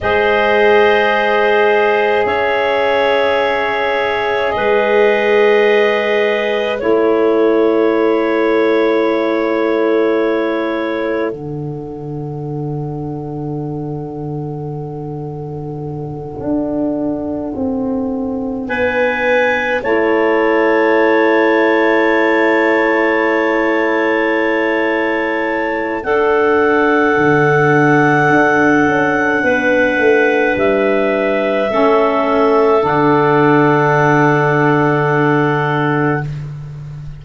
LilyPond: <<
  \new Staff \with { instrumentName = "clarinet" } { \time 4/4 \tempo 4 = 53 dis''2 e''2 | dis''2 cis''2~ | cis''2 fis''2~ | fis''1~ |
fis''8 gis''4 a''2~ a''8~ | a''2. fis''4~ | fis''2. e''4~ | e''4 fis''2. | }
  \new Staff \with { instrumentName = "clarinet" } { \time 4/4 c''2 cis''2 | b'2 a'2~ | a'1~ | a'1~ |
a'8 b'4 cis''2~ cis''8~ | cis''2. a'4~ | a'2 b'2 | a'1 | }
  \new Staff \with { instrumentName = "saxophone" } { \time 4/4 gis'1~ | gis'2 e'2~ | e'2 d'2~ | d'1~ |
d'4. e'2~ e'8~ | e'2. d'4~ | d'1 | cis'4 d'2. | }
  \new Staff \with { instrumentName = "tuba" } { \time 4/4 gis2 cis'2 | gis2 a2~ | a2 d2~ | d2~ d8 d'4 c'8~ |
c'8 b4 a2~ a8~ | a2. d'4 | d4 d'8 cis'8 b8 a8 g4 | a4 d2. | }
>>